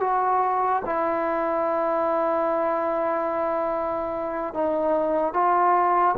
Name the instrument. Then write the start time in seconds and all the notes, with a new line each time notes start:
trombone
0.00 F#4
0.85 E4
4.54 D#4
5.33 F4